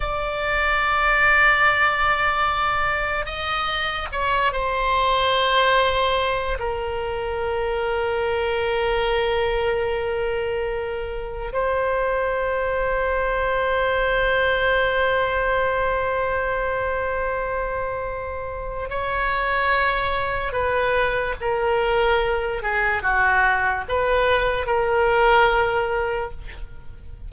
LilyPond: \new Staff \with { instrumentName = "oboe" } { \time 4/4 \tempo 4 = 73 d''1 | dis''4 cis''8 c''2~ c''8 | ais'1~ | ais'2 c''2~ |
c''1~ | c''2. cis''4~ | cis''4 b'4 ais'4. gis'8 | fis'4 b'4 ais'2 | }